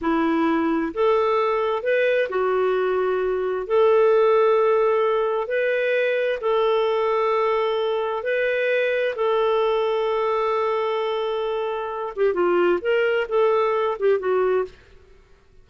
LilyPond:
\new Staff \with { instrumentName = "clarinet" } { \time 4/4 \tempo 4 = 131 e'2 a'2 | b'4 fis'2. | a'1 | b'2 a'2~ |
a'2 b'2 | a'1~ | a'2~ a'8 g'8 f'4 | ais'4 a'4. g'8 fis'4 | }